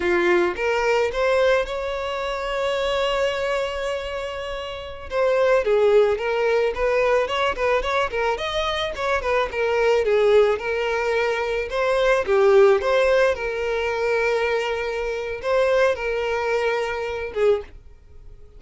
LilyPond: \new Staff \with { instrumentName = "violin" } { \time 4/4 \tempo 4 = 109 f'4 ais'4 c''4 cis''4~ | cis''1~ | cis''4~ cis''16 c''4 gis'4 ais'8.~ | ais'16 b'4 cis''8 b'8 cis''8 ais'8 dis''8.~ |
dis''16 cis''8 b'8 ais'4 gis'4 ais'8.~ | ais'4~ ais'16 c''4 g'4 c''8.~ | c''16 ais'2.~ ais'8. | c''4 ais'2~ ais'8 gis'8 | }